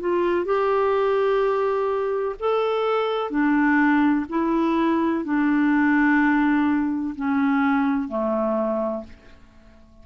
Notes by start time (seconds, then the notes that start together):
0.00 F4
0.45 G4
2.40 A4
3.30 D4
4.29 E4
5.24 D4
7.16 C#4
8.09 A3